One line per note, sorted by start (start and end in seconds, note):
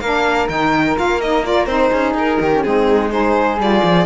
0.00 0.48 A#3
0.00 0.48 D4
0.00 1.90 A#4
0.00 0.48 F5
0.48 0.96 D#3
0.48 0.96 D#4
0.48 0.96 G5
0.96 1.66 A#3
0.96 1.20 F4
0.96 1.21 F5
1.21 1.43 D#4
1.21 1.45 D#5
1.43 1.67 F4
1.43 1.66 D5
1.66 1.90 C4
1.66 2.51 D#4
1.66 2.13 C5
1.90 2.14 C#4
1.90 2.38 G#4
2.14 2.38 D#4
2.14 2.63 A#4
2.40 2.64 D#3
2.40 2.64 G4
2.53 2.64 C#4
2.63 3.58 G#3
2.63 3.10 C4
2.63 3.12 D#4
2.63 3.11 G#4
3.10 3.58 D#4
3.10 4.05 G#4
3.10 3.59 C5
3.58 3.81 G3
3.58 4.05 F4
3.58 4.05 D5
3.84 4.05 F3